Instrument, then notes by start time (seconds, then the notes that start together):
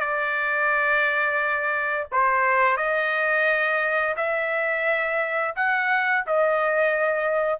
trumpet
0.00 D5
2.12 C5
2.77 D#5
4.17 E5
5.55 F#5
6.26 D#5